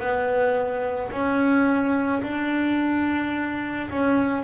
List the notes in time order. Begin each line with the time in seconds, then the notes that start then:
0.00 B3
1.12 C#4
2.23 D4
3.91 C#4